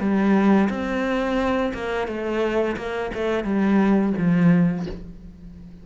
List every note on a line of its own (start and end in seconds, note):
0.00 0.69 G3
0.70 1.73 C4
1.74 2.08 A#3
2.08 2.77 A3
2.77 3.12 A#3
3.14 3.45 A3
3.45 4.13 G3
4.18 4.87 F3